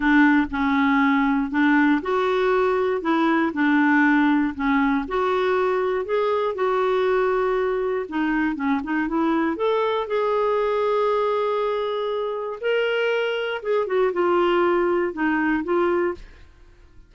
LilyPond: \new Staff \with { instrumentName = "clarinet" } { \time 4/4 \tempo 4 = 119 d'4 cis'2 d'4 | fis'2 e'4 d'4~ | d'4 cis'4 fis'2 | gis'4 fis'2. |
dis'4 cis'8 dis'8 e'4 a'4 | gis'1~ | gis'4 ais'2 gis'8 fis'8 | f'2 dis'4 f'4 | }